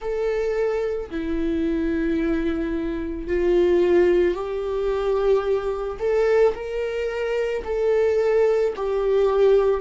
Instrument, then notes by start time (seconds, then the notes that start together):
viola
0.00 A4
1.10 E4
3.27 F4
4.34 G4
5.99 A4
6.54 A#4
7.64 A4
8.76 G4